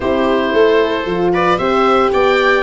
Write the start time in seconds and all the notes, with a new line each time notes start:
0.00 C4 E4 G4 C5
0.52 A3 A4
1.05 F3 F4
1.33 B4 D5
1.57 C4 G4 C5 E5
2.12 B3 D5 G5